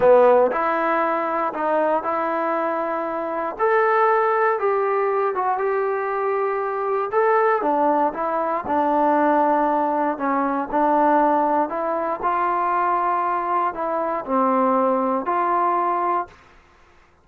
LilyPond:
\new Staff \with { instrumentName = "trombone" } { \time 4/4 \tempo 4 = 118 b4 e'2 dis'4 | e'2. a'4~ | a'4 g'4. fis'8 g'4~ | g'2 a'4 d'4 |
e'4 d'2. | cis'4 d'2 e'4 | f'2. e'4 | c'2 f'2 | }